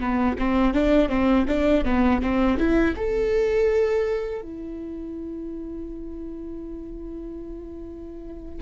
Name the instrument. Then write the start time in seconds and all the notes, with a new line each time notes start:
viola
0.00 B3
0.39 C4
0.74 D4
1.09 C4
1.48 D4
1.85 B3
2.22 C4
2.58 E4
2.97 A4
4.42 E4